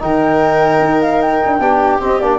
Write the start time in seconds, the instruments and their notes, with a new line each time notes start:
0.00 tuba D#3, trombone D#4, viola A#4, flute G5
0.80 tuba D#4
1.02 flute F5
1.22 flute G5
1.46 tuba D4
1.60 tuba B3, trombone D4, viola G4
2.01 trombone C4, tuba C4, flute D#5
2.20 tuba A#3, trombone D4, flute D5